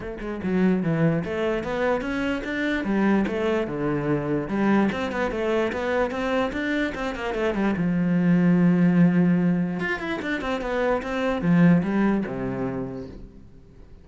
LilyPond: \new Staff \with { instrumentName = "cello" } { \time 4/4 \tempo 4 = 147 a8 gis8 fis4 e4 a4 | b4 cis'4 d'4 g4 | a4 d2 g4 | c'8 b8 a4 b4 c'4 |
d'4 c'8 ais8 a8 g8 f4~ | f1 | f'8 e'8 d'8 c'8 b4 c'4 | f4 g4 c2 | }